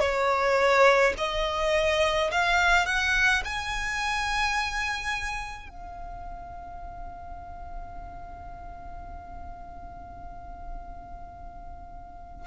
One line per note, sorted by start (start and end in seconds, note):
0.00 1.13 C#5
1.17 2.31 D#5
2.31 2.86 F5
2.86 3.43 F#5
3.44 5.69 G#5
5.69 12.46 F5